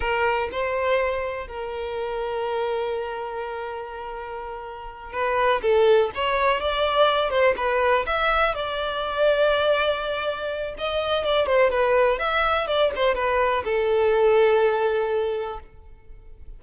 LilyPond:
\new Staff \with { instrumentName = "violin" } { \time 4/4 \tempo 4 = 123 ais'4 c''2 ais'4~ | ais'1~ | ais'2~ ais'8 b'4 a'8~ | a'8 cis''4 d''4. c''8 b'8~ |
b'8 e''4 d''2~ d''8~ | d''2 dis''4 d''8 c''8 | b'4 e''4 d''8 c''8 b'4 | a'1 | }